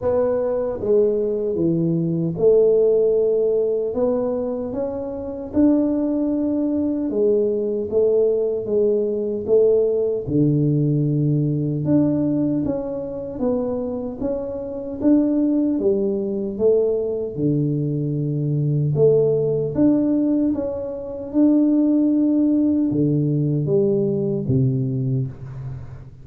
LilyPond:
\new Staff \with { instrumentName = "tuba" } { \time 4/4 \tempo 4 = 76 b4 gis4 e4 a4~ | a4 b4 cis'4 d'4~ | d'4 gis4 a4 gis4 | a4 d2 d'4 |
cis'4 b4 cis'4 d'4 | g4 a4 d2 | a4 d'4 cis'4 d'4~ | d'4 d4 g4 c4 | }